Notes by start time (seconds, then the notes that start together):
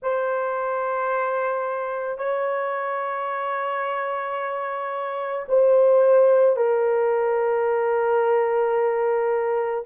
0.02 C5
2.18 C#5
5.48 C5
6.56 A#4